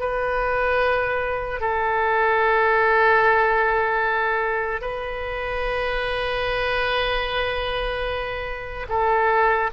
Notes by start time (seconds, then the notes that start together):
0.00 B4
1.61 A4
4.81 B4
8.89 A4